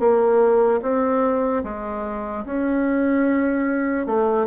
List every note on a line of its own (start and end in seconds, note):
0.00 0.81 A#3
0.83 1.64 C4
1.64 2.45 G#3
2.46 4.07 C#4
4.07 4.47 A3